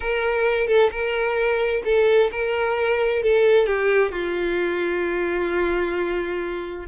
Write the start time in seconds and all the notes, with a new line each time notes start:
0.00 A#4
0.67 A4
0.91 A#4
1.84 A4
2.31 A#4
3.22 A4
3.66 G4
4.11 F4